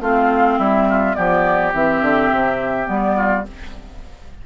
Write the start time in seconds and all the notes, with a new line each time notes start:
0.00 A3 C4 F4 F5
0.58 G3 E4 E5
0.89 F4
1.14 F3 B3 G4 D5
1.73 E3 C4 E5
2.01 D3
2.31 C3
2.85 G3 B3 D5
3.16 F4